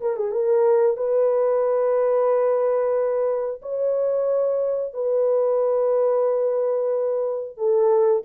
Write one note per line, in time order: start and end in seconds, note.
0.00 0.16 A#4
0.16 0.31 G#4
0.31 0.97 A#4
0.97 3.61 B4
3.62 4.93 C#5
4.93 7.57 B4
7.57 8.23 A4